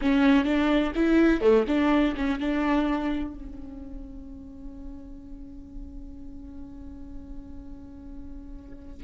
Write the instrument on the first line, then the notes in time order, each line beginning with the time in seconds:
viola
0.01 C#4
0.45 D4
0.95 E4
1.41 A3
1.67 D4
2.16 C#4
2.39 D4
3.34 C#4